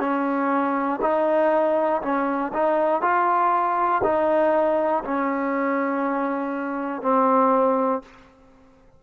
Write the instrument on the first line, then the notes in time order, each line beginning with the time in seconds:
trombone
0.00 C#4
1.02 D#4
2.02 C#4
2.53 D#4
3.02 F4
4.04 D#4
5.05 C#4
7.02 C4